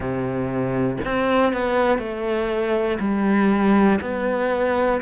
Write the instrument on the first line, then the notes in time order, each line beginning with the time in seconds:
cello
0.00 C3
1.05 C4
1.53 B3
1.98 A3
3.00 G3
4.01 B3